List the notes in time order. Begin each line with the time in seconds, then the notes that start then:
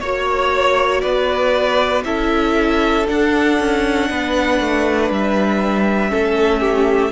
0.00 A#3 F#4 C#5
1.00 B3 B4 D5
2.04 C#4 E4 A4 E5
3.05 D4 F#5
3.60 C#4
4.10 B3 B4
4.60 A3
5.10 G3 E5
6.09 A3 C#4 A4
6.60 G4